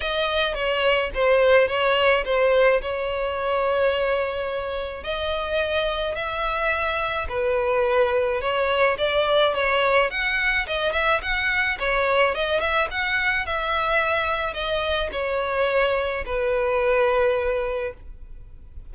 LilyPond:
\new Staff \with { instrumentName = "violin" } { \time 4/4 \tempo 4 = 107 dis''4 cis''4 c''4 cis''4 | c''4 cis''2.~ | cis''4 dis''2 e''4~ | e''4 b'2 cis''4 |
d''4 cis''4 fis''4 dis''8 e''8 | fis''4 cis''4 dis''8 e''8 fis''4 | e''2 dis''4 cis''4~ | cis''4 b'2. | }